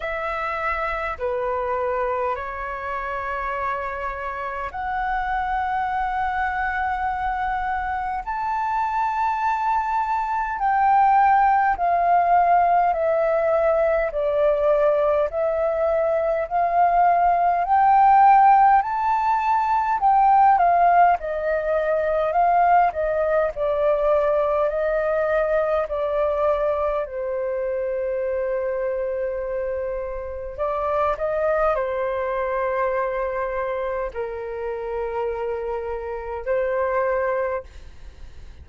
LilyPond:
\new Staff \with { instrumentName = "flute" } { \time 4/4 \tempo 4 = 51 e''4 b'4 cis''2 | fis''2. a''4~ | a''4 g''4 f''4 e''4 | d''4 e''4 f''4 g''4 |
a''4 g''8 f''8 dis''4 f''8 dis''8 | d''4 dis''4 d''4 c''4~ | c''2 d''8 dis''8 c''4~ | c''4 ais'2 c''4 | }